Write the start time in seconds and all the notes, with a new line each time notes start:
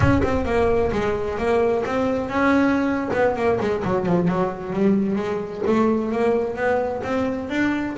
0.00 C#4
0.22 C4
0.45 A#3
0.91 G#3
1.37 A#3
1.85 C4
2.29 C#4
3.13 B3
3.35 A#3
3.60 G#3
3.84 F#3
4.06 F3
4.27 F#3
4.73 G3
5.15 G#3
5.66 A3
6.12 A#3
6.56 B3
7.03 C4
7.49 D4